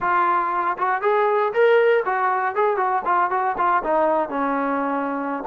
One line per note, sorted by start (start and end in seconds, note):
0.00 0.77 F4
0.77 1.01 F#4
1.01 1.52 G#4
1.53 2.03 A#4
2.05 2.55 F#4
2.55 2.76 G#4
2.76 3.02 F#4
3.05 3.30 F4
3.30 3.56 F#4
3.57 3.83 F4
3.83 4.29 D#4
4.29 5.43 C#4